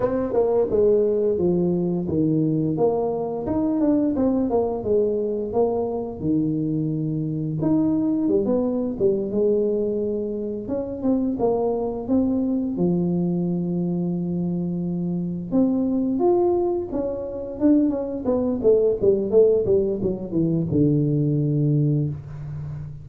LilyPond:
\new Staff \with { instrumentName = "tuba" } { \time 4/4 \tempo 4 = 87 c'8 ais8 gis4 f4 dis4 | ais4 dis'8 d'8 c'8 ais8 gis4 | ais4 dis2 dis'4 | g16 b8. g8 gis2 cis'8 |
c'8 ais4 c'4 f4.~ | f2~ f8 c'4 f'8~ | f'8 cis'4 d'8 cis'8 b8 a8 g8 | a8 g8 fis8 e8 d2 | }